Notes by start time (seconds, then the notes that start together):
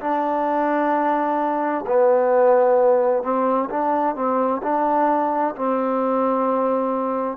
0.00 D4
1.87 B3
3.23 C4
3.70 D4
4.15 C4
4.62 D4
5.56 C4